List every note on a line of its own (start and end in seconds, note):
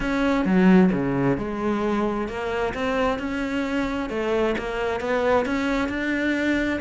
0.00 0.45 C#4
0.45 0.90 F#3
0.92 1.37 C#3
1.37 2.28 G#3
2.28 2.73 A#3
2.74 3.18 C4
3.18 4.09 C#4
4.09 4.55 A3
4.58 5.00 A#3
5.00 5.45 B3
5.45 5.89 C#4
5.89 6.80 D4